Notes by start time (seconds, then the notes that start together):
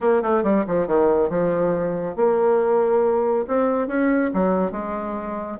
0.00 A#3
0.22 A3
0.43 G3
0.67 F3
0.87 D#3
1.29 F3
2.16 A#3
3.47 C4
3.87 C#4
4.33 F#3
4.71 G#3